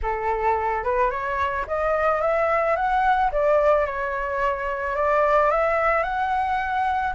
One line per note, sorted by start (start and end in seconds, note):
0.02 0.83 A4
0.83 1.10 B4
1.10 1.65 C#5
1.67 2.21 D#5
2.21 2.75 E5
2.75 3.31 F#5
3.31 3.85 D5
3.85 4.95 C#5
4.95 5.50 D5
5.50 6.03 E5
6.03 7.13 F#5